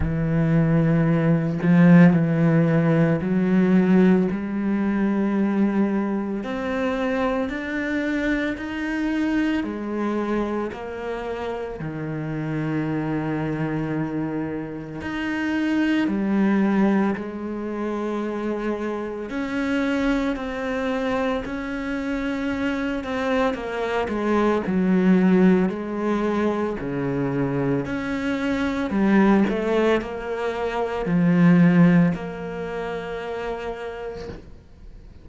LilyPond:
\new Staff \with { instrumentName = "cello" } { \time 4/4 \tempo 4 = 56 e4. f8 e4 fis4 | g2 c'4 d'4 | dis'4 gis4 ais4 dis4~ | dis2 dis'4 g4 |
gis2 cis'4 c'4 | cis'4. c'8 ais8 gis8 fis4 | gis4 cis4 cis'4 g8 a8 | ais4 f4 ais2 | }